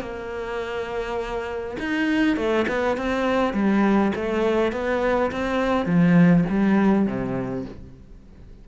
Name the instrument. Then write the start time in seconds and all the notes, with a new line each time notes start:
cello
0.00 A#3
1.79 D#4
2.36 A3
2.68 B3
2.97 C4
3.53 G3
4.15 A3
4.72 B3
5.31 C4
5.86 F3
6.49 G3
7.06 C3